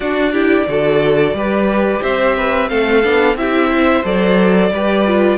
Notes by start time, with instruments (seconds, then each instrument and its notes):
0.00 cello D4, viola D4, violin F#4 D5
0.32 viola E4, violin G4
0.67 cello D3, viola F#4, violin A4
1.33 cello G3, viola G4, violin B4
2.02 cello C4, violin C5 E5
2.37 violin B4
2.68 cello A3, viola C4, violin A4 F5
3.02 cello B3, viola D4
3.34 cello C4, viola E4, violin G4 E5
3.69 violin C5
4.04 cello F#3, viola A4, violin D5
4.71 cello G3, viola G4, violin B4
5.06 viola F4